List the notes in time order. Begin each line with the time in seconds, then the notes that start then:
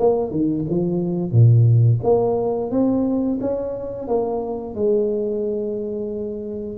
0.00 A#3
0.31 D#3
0.70 F3
1.32 A#2
2.04 A#3
2.71 C4
3.41 C#4
4.08 A#3
4.75 G#3